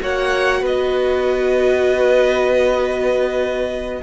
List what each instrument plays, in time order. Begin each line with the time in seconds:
0.00 cello A#3, viola F#4, violin C#5 F#5
0.61 cello B3, violin B4 D#5